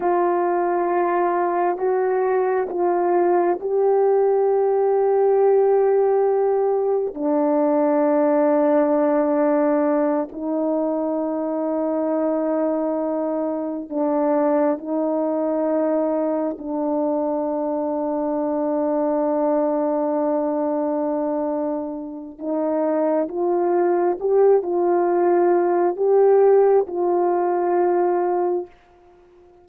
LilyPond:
\new Staff \with { instrumentName = "horn" } { \time 4/4 \tempo 4 = 67 f'2 fis'4 f'4 | g'1 | d'2.~ d'8 dis'8~ | dis'2.~ dis'8 d'8~ |
d'8 dis'2 d'4.~ | d'1~ | d'4 dis'4 f'4 g'8 f'8~ | f'4 g'4 f'2 | }